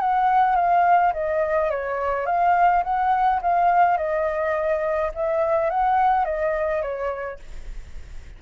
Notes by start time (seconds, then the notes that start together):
0.00 F#5
0.56 F5
1.14 D#5
1.71 C#5
2.26 F5
2.84 F#5
3.42 F5
3.98 D#5
5.15 E5
5.70 F#5
6.25 D#5
6.82 C#5